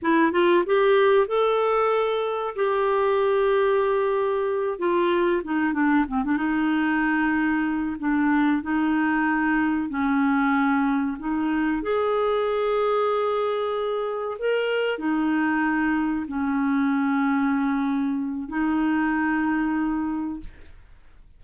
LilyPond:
\new Staff \with { instrumentName = "clarinet" } { \time 4/4 \tempo 4 = 94 e'8 f'8 g'4 a'2 | g'2.~ g'8 f'8~ | f'8 dis'8 d'8 c'16 d'16 dis'2~ | dis'8 d'4 dis'2 cis'8~ |
cis'4. dis'4 gis'4.~ | gis'2~ gis'8 ais'4 dis'8~ | dis'4. cis'2~ cis'8~ | cis'4 dis'2. | }